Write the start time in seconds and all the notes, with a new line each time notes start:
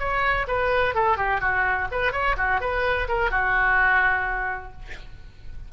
0.00 C#5
0.48 B4
0.95 A4
1.18 G4
1.41 F#4
1.92 B4
2.13 C#5
2.38 F#4
2.61 B4
3.09 A#4
3.31 F#4